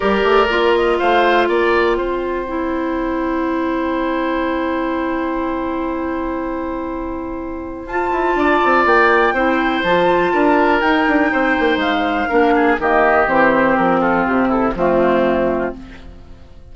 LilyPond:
<<
  \new Staff \with { instrumentName = "flute" } { \time 4/4 \tempo 4 = 122 d''4. dis''8 f''4 g''4~ | g''1~ | g''1~ | g''1 |
a''2 g''2 | a''2 g''2 | f''2 dis''4 c''4 | ais'8 a'8 g'8 a'8 f'2 | }
  \new Staff \with { instrumentName = "oboe" } { \time 4/4 ais'2 c''4 d''4 | c''1~ | c''1~ | c''1~ |
c''4 d''2 c''4~ | c''4 ais'2 c''4~ | c''4 ais'8 gis'8 g'2~ | g'8 f'4 e'8 c'2 | }
  \new Staff \with { instrumentName = "clarinet" } { \time 4/4 g'4 f'2.~ | f'4 e'2.~ | e'1~ | e'1 |
f'2. e'4 | f'2 dis'2~ | dis'4 d'4 ais4 c'4~ | c'2 a2 | }
  \new Staff \with { instrumentName = "bassoon" } { \time 4/4 g8 a8 ais4 a4 ais4 | c'1~ | c'1~ | c'1 |
f'8 e'8 d'8 c'8 ais4 c'4 | f4 d'4 dis'8 d'8 c'8 ais8 | gis4 ais4 dis4 e4 | f4 c4 f2 | }
>>